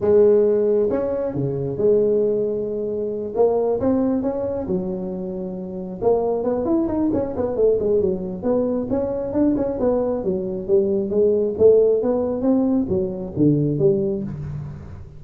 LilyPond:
\new Staff \with { instrumentName = "tuba" } { \time 4/4 \tempo 4 = 135 gis2 cis'4 cis4 | gis2.~ gis8 ais8~ | ais8 c'4 cis'4 fis4.~ | fis4. ais4 b8 e'8 dis'8 |
cis'8 b8 a8 gis8 fis4 b4 | cis'4 d'8 cis'8 b4 fis4 | g4 gis4 a4 b4 | c'4 fis4 d4 g4 | }